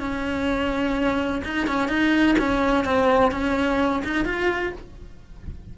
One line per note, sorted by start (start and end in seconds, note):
0.00 1.43 C#4
1.45 1.68 D#4
1.68 1.89 C#4
1.89 2.36 D#4
2.39 2.85 C#4
2.85 3.32 C4
3.32 4.03 C#4
4.05 4.26 D#4
4.26 4.73 F4